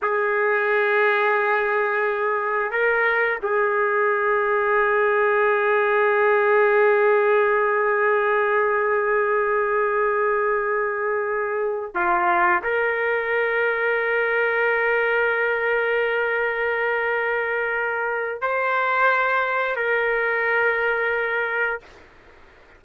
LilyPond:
\new Staff \with { instrumentName = "trumpet" } { \time 4/4 \tempo 4 = 88 gis'1 | ais'4 gis'2.~ | gis'1~ | gis'1~ |
gis'4. f'4 ais'4.~ | ais'1~ | ais'2. c''4~ | c''4 ais'2. | }